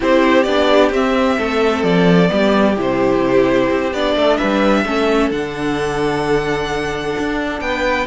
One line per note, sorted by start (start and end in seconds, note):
0.00 0.45 C4
0.00 0.45 E4
0.00 1.38 G4
0.00 0.43 C5
0.43 0.91 B3
0.43 0.93 D4
0.43 0.89 D5
0.91 1.37 C4
0.91 2.28 C4
0.91 1.83 E5
1.38 1.83 A3
1.38 2.30 A4
1.83 2.30 F3
1.83 2.76 D5
2.28 2.77 G3
2.28 2.74 B3
2.28 4.16 G4
2.76 3.69 C3
2.76 3.92 E4
2.76 3.93 C5
3.70 3.93 C4
3.93 4.15 B3
3.93 4.86 D4
3.93 4.37 D5
4.15 4.38 A3
4.15 4.37 A4
4.37 4.85 G3
4.37 4.84 B4
4.37 5.29 E5
4.85 5.30 A3
4.85 5.31 C#4
4.85 7.62 A4
5.30 7.15 D3
5.30 8.06 D4
5.30 7.60 F#5
7.18 7.60 D4
7.60 8.06 B3
7.60 8.06 B4
7.60 8.06 G5